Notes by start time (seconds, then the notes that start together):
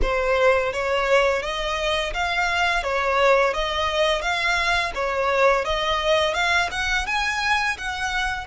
0.02 C5
0.73 C#5
1.42 D#5
2.13 F5
2.83 C#5
3.53 D#5
4.21 F5
4.94 C#5
5.64 D#5
6.34 F5
6.71 F#5
7.06 G#5
7.77 F#5